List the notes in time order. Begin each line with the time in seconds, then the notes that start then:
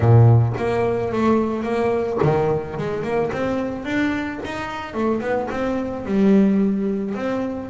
0.00 A#2
0.57 A#3
1.12 A3
1.63 A#3
2.22 D#3
2.77 G#3
3.03 A#3
3.32 C4
3.85 D4
4.44 D#4
4.93 A3
5.20 B3
5.50 C4
6.06 G3
7.14 C4